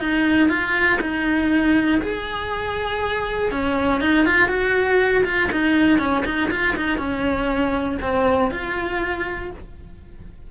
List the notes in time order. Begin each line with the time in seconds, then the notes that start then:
0.00 D#4
0.49 F4
1.01 D#4
2.02 G#4
3.51 C#4
4.01 D#4
4.26 F4
4.49 F#4
5.25 F4
5.52 D#4
5.99 C#4
6.25 D#4
6.51 F4
6.77 D#4
6.98 C#4
8.02 C4
8.51 F4